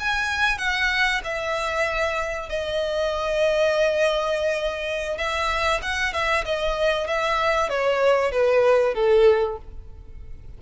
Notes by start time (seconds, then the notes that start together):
0.00 G#5
0.59 F#5
1.25 E5
2.50 D#5
5.18 E5
5.83 F#5
6.13 E5
6.46 D#5
7.08 E5
7.70 C#5
8.32 B4
8.95 A4